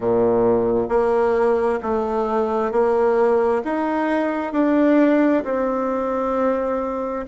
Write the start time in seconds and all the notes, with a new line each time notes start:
0.00 A#2
0.88 A#3
1.82 A3
2.71 A#3
3.64 D#4
4.52 D4
5.43 C4